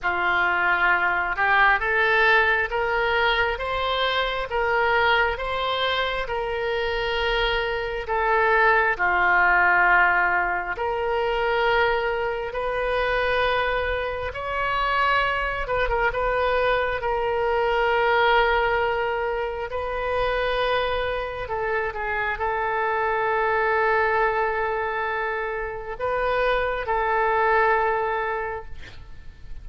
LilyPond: \new Staff \with { instrumentName = "oboe" } { \time 4/4 \tempo 4 = 67 f'4. g'8 a'4 ais'4 | c''4 ais'4 c''4 ais'4~ | ais'4 a'4 f'2 | ais'2 b'2 |
cis''4. b'16 ais'16 b'4 ais'4~ | ais'2 b'2 | a'8 gis'8 a'2.~ | a'4 b'4 a'2 | }